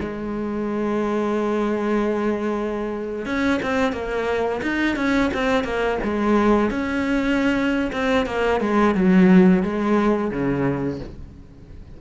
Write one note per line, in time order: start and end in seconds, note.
0.00 3.26 G#3
3.26 3.60 C#4
3.62 3.92 C4
3.92 4.61 A#3
4.62 4.96 D#4
4.96 5.31 C#4
5.34 5.64 C4
5.64 5.98 A#3
6.04 6.70 G#3
6.70 7.91 C#4
7.92 8.26 C4
8.26 8.60 A#3
8.60 8.95 G#3
8.95 9.63 F#3
9.63 10.30 G#3
10.30 10.99 C#3